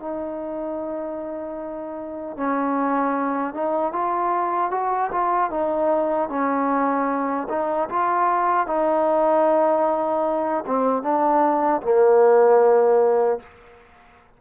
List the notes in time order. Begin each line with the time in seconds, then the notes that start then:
0.00 D#4
2.37 C#4
3.54 D#4
3.92 F4
4.71 F#4
5.11 F4
5.50 D#4
6.29 C#4
7.49 D#4
7.89 F4
8.67 D#4
10.67 C4
11.02 D4
11.82 A#3